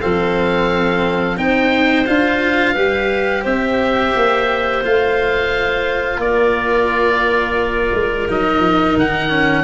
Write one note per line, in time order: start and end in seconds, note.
0.00 1.37 F3
0.00 1.36 C4
0.00 1.38 A4
0.00 1.38 F5
1.36 2.06 C4
1.36 2.05 D#4
1.36 2.73 C5
1.36 2.06 G5
2.06 2.75 D4
2.06 2.75 F4
2.06 3.44 F5
2.73 3.44 G3
2.73 4.81 G4
2.73 3.42 B4
3.42 4.14 C4
3.42 6.18 C5
3.42 4.83 E5
4.16 4.83 A#3
4.83 6.17 A3
4.83 8.28 F4
4.83 6.20 F5
6.17 7.90 A#3
6.17 9.63 A#4
6.17 8.27 D5
7.93 8.28 G#3
8.28 8.58 F#3
8.28 9.29 D#4
8.28 8.98 D#5
8.58 8.93 F3
8.96 9.63 D#3
8.96 9.63 F#5
9.29 9.63 C#4